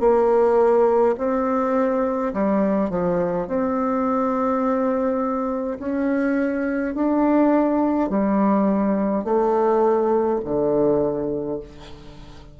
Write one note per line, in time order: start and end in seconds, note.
0.00 1.15 A#3
1.18 2.33 C4
2.33 2.90 G3
2.90 3.48 F3
3.48 5.78 C4
5.79 6.94 C#4
6.94 8.10 D4
8.10 9.25 G3
9.25 10.40 A3
10.45 11.60 D3